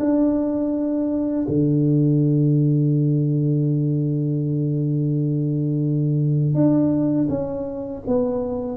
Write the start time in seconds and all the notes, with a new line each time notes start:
0.00 D4
1.48 D3
6.55 D4
7.30 C#4
8.07 B3